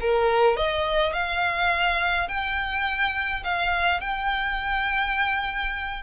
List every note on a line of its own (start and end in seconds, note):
0.00 0.56 A#4
0.56 1.13 D#5
1.13 2.28 F5
2.28 3.44 G5
3.44 4.01 F5
4.01 6.03 G5